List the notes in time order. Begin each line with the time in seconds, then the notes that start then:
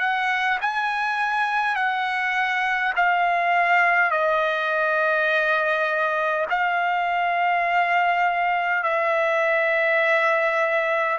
0.00 F#5
0.61 G#5
1.75 F#5
2.96 F5
4.11 D#5
6.50 F5
8.83 E5